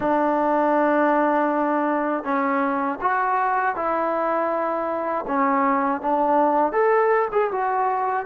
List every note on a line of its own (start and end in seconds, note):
0.00 2.24 D4
2.24 2.99 C#4
3.01 3.75 F#4
3.75 5.25 E4
5.27 6.01 C#4
6.01 6.72 D4
6.72 7.28 A4
7.32 7.50 G#4
7.51 8.26 F#4